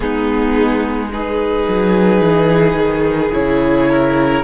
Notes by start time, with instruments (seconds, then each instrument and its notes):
0.00 cello G#3, viola B3, violin D#4 G#4
1.12 viola D#4, violin G#4 B4
1.68 cello F#3
2.21 cello E3
2.75 cello D#3
3.32 cello C#3, viola E4, violin C#5
3.89 violin A#4